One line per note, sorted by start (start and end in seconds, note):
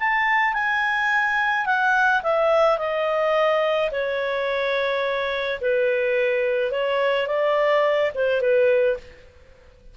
0.00 0.53 A5
0.53 1.65 G#5
1.65 2.21 F#5
2.23 2.78 E5
2.78 3.90 D#5
3.91 5.59 C#5
5.61 6.71 B4
6.71 7.27 C#5
7.27 8.11 D5
8.14 8.41 C5
8.41 8.97 B4